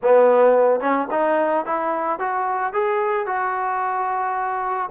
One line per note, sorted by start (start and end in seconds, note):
0.02 0.80 B3
0.80 1.07 C#4
1.11 1.65 D#4
1.65 2.19 E4
2.19 2.73 F#4
2.73 3.26 G#4
3.26 4.90 F#4